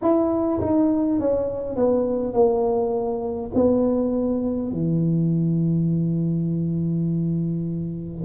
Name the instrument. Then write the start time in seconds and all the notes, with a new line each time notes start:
tuba
0.01 E4
0.60 D#4
1.19 C#4
1.76 B3
2.33 A#3
3.54 B3
4.72 E3